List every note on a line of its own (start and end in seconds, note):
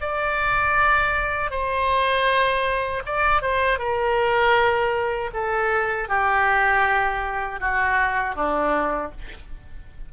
0.00 1.50 D5
1.50 3.02 C5
3.06 3.41 D5
3.41 3.78 C5
3.78 5.30 A#4
5.33 6.08 A4
6.08 7.60 G4
7.60 8.35 F#4
8.35 9.11 D4